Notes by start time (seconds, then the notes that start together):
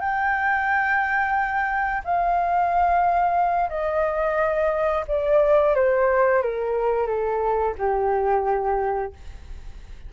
0.00 G5
2.04 F5
3.69 D#5
5.07 D5
5.75 C5
6.42 A#4
7.07 A4
7.78 G4